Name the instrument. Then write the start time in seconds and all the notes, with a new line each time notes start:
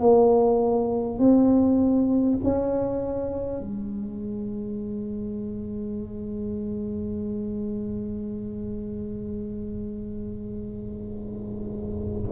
tuba
0.00 A#3
1.19 C4
2.44 C#4
3.61 G#3